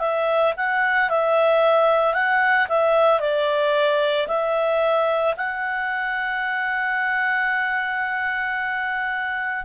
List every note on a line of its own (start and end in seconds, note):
0.00 0.54 E5
0.57 1.10 F#5
1.10 2.14 E5
2.14 2.68 F#5
2.69 3.20 E5
3.20 4.28 D5
4.28 5.35 E5
5.37 9.65 F#5